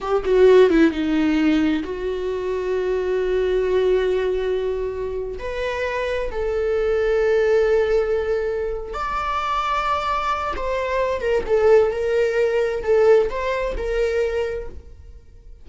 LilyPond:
\new Staff \with { instrumentName = "viola" } { \time 4/4 \tempo 4 = 131 g'8 fis'4 e'8 dis'2 | fis'1~ | fis'2.~ fis'8. b'16~ | b'4.~ b'16 a'2~ a'16~ |
a'2.~ a'8 d''8~ | d''2. c''4~ | c''8 ais'8 a'4 ais'2 | a'4 c''4 ais'2 | }